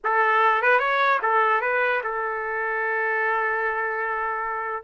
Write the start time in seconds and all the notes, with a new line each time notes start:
0.04 A4
0.62 B4
0.79 C#5
1.22 A4
1.61 B4
2.03 A4